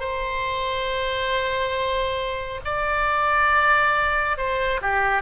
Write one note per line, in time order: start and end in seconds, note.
0.00 2.61 C5
2.65 4.38 D5
4.38 4.81 C5
4.82 5.22 G4